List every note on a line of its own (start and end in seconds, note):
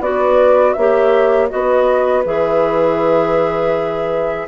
0.00 0.74 B3
0.00 0.76 F#4
0.00 0.75 B4
0.00 0.73 D5
0.73 1.51 A#3
0.73 1.49 G4
0.73 1.50 C#5
0.73 1.47 E5
1.49 2.25 B3
1.49 2.23 F#4
1.49 4.48 B4
1.49 2.23 D#5
2.25 4.47 E3
2.25 4.48 G#4
2.25 4.48 E5